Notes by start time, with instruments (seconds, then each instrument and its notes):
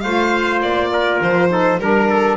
0.00 double bass A3, saxophone F4, trumpet C5, violin F5
0.61 double bass A#3, violin D5
0.92 trumpet A#4
1.21 double bass F3, violin C5
1.49 saxophone D#4, trumpet A4
1.78 double bass G3, saxophone D4, violin A#4, trumpet A#4
2.09 trumpet A4